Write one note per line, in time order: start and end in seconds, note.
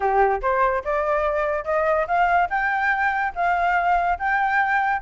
0.00 0.41 G4
0.41 0.83 C5
0.84 1.64 D5
1.64 2.06 D#5
2.07 2.48 F5
2.50 3.33 G5
3.35 4.18 F5
4.18 5.02 G5